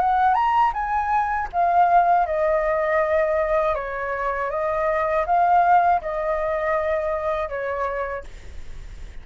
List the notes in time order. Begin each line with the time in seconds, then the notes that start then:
0.00 F#5
0.34 A#5
0.73 G#5
1.52 F5
2.26 D#5
3.75 C#5
4.50 D#5
5.26 F5
6.01 D#5
7.49 C#5